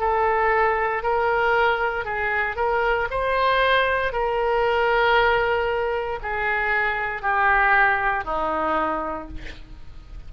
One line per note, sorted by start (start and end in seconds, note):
0.00 1.03 A4
1.03 2.05 A#4
2.05 2.56 G#4
2.56 3.08 A#4
3.11 4.12 C5
4.12 6.19 A#4
6.23 7.22 G#4
7.22 8.25 G4
8.25 9.28 D#4